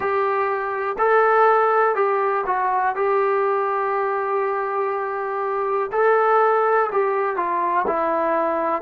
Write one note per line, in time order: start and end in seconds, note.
0.00 0.96 G4
0.98 1.94 A4
1.94 2.44 G4
2.46 2.95 F#4
2.95 5.90 G4
5.92 6.90 A4
6.92 7.36 G4
7.36 7.85 F4
7.87 8.82 E4